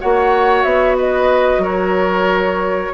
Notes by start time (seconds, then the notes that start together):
0.00 A#3 F#4 C#5 F#5
0.63 B3 E5
0.97 B4 D#5
1.58 F#3 A#4 C#5